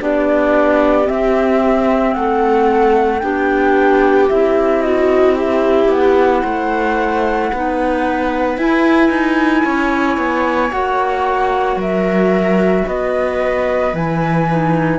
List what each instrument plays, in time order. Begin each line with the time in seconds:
0.00 cello B3, clarinet D4, viola G4, flute D5
1.05 clarinet C4, cello C4, flute E5
2.15 cello A3, viola A4, flute F#5
3.20 cello B3, clarinet D4, viola G4, flute G5
4.30 cello C4, clarinet E4, flute E5
4.82 viola F#4, flute D#5
5.37 viola G4, flute E5
5.89 cello B3, flute F#5
6.43 cello A3, viola C5
7.53 cello B3, clarinet D#4, viola B4
8.58 cello E4, clarinet E4, flute G#5
9.10 cello D#4
9.65 cello C#4, viola C#5
10.18 cello B3
10.71 cello A#3, clarinet F#4, flute F#5
11.77 cello F#3, viola A#4, flute E5
12.87 cello B3, viola B4, flute D#5
13.94 cello E3, clarinet E4, flute G#5
14.50 clarinet D#4